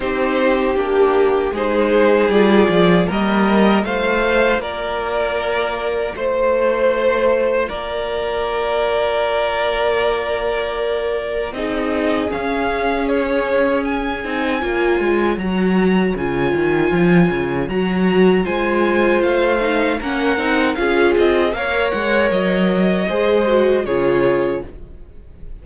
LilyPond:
<<
  \new Staff \with { instrumentName = "violin" } { \time 4/4 \tempo 4 = 78 c''4 g'4 c''4 d''4 | dis''4 f''4 d''2 | c''2 d''2~ | d''2. dis''4 |
f''4 cis''4 gis''2 | ais''4 gis''2 ais''4 | gis''4 f''4 fis''4 f''8 dis''8 | f''8 fis''8 dis''2 cis''4 | }
  \new Staff \with { instrumentName = "violin" } { \time 4/4 g'2 gis'2 | ais'4 c''4 ais'2 | c''2 ais'2~ | ais'2. gis'4~ |
gis'2. cis''4~ | cis''1 | c''2 ais'4 gis'4 | cis''2 c''4 gis'4 | }
  \new Staff \with { instrumentName = "viola" } { \time 4/4 dis'4 d'4 dis'4 f'4 | ais4 f'2.~ | f'1~ | f'2. dis'4 |
cis'2~ cis'8 dis'8 f'4 | fis'4 f'2 fis'4 | f'4. dis'8 cis'8 dis'8 f'4 | ais'2 gis'8 fis'8 f'4 | }
  \new Staff \with { instrumentName = "cello" } { \time 4/4 c'4 ais4 gis4 g8 f8 | g4 a4 ais2 | a2 ais2~ | ais2. c'4 |
cis'2~ cis'8 c'8 ais8 gis8 | fis4 cis8 dis8 f8 cis8 fis4 | gis4 a4 ais8 c'8 cis'8 c'8 | ais8 gis8 fis4 gis4 cis4 | }
>>